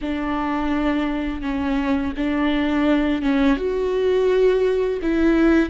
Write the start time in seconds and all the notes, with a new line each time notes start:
0.01 D4
1.41 C#4
2.16 D4
3.22 C#4
3.56 F#4
5.02 E4